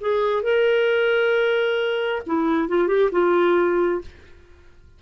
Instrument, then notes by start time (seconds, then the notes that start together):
clarinet
0.00 G#4
0.43 A#4
2.26 E4
2.68 F4
2.87 G4
3.11 F4